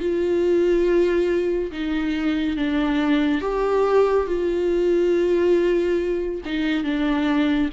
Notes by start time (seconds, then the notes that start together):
0.00 F4
1.72 D#4
2.57 D4
3.41 G4
4.27 F4
6.45 D#4
6.84 D4